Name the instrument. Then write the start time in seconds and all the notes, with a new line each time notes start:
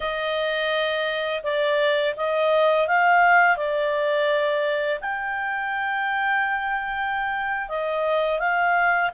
clarinet
0.00 D#5
1.43 D5
2.16 D#5
2.87 F5
3.56 D5
5.01 G5
7.69 D#5
8.39 F5